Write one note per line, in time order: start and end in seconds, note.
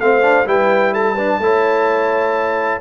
0.00 0.46 A3
0.00 0.22 C4
0.00 0.48 C5
0.00 0.47 F5
0.22 0.45 D4
0.46 1.39 G3
0.46 1.16 E4
0.46 0.93 B4
0.46 0.94 G5
0.93 1.14 A4
0.93 2.81 A5
1.14 1.41 D4
1.14 1.38 B4
1.39 2.80 A3
1.39 2.81 E4
1.39 2.81 C#5